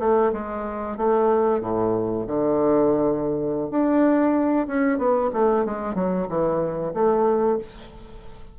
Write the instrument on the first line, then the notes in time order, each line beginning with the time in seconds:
bassoon
0.00 A3
0.33 G#3
0.98 A3
1.61 A2
2.27 D3
3.71 D4
4.67 C#4
4.99 B3
5.34 A3
5.65 G#3
5.95 F#3
6.29 E3
6.94 A3